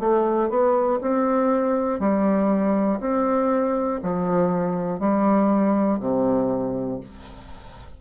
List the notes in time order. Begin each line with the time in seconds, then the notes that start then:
0.00 A3
0.50 B3
1.01 C4
2.00 G3
3.00 C4
4.03 F3
5.00 G3
6.00 C3